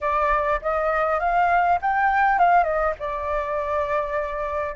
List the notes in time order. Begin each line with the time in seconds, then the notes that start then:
0.01 D5
0.61 D#5
1.19 F5
1.81 G5
2.38 F5
2.63 D#5
2.99 D5